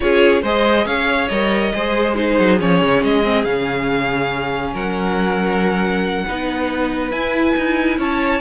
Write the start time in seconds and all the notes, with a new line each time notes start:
0.00 C#4 F4 G#4 C#5
0.42 G#3 G#4 C5 D#5
0.85 C#4 C#5 F5
1.28 G3 A#4 D#5
1.73 G#3 G#4 C5
2.15 D#4 G#4 C5
2.39 F#3
2.59 F3 C#4 C#5
2.81 C#3
3.03 G#3 D#5
3.23 C4
3.44 C#3 C#4 F5
4.73 F#3 A#4 F#5
6.26 B3 D#4 B4
7.11 E4 G#5
7.56 D#4
7.98 C#4 C#5 A5